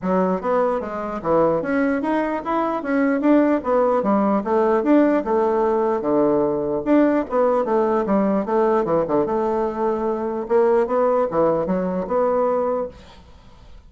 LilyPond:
\new Staff \with { instrumentName = "bassoon" } { \time 4/4 \tempo 4 = 149 fis4 b4 gis4 e4 | cis'4 dis'4 e'4 cis'4 | d'4 b4 g4 a4 | d'4 a2 d4~ |
d4 d'4 b4 a4 | g4 a4 e8 d8 a4~ | a2 ais4 b4 | e4 fis4 b2 | }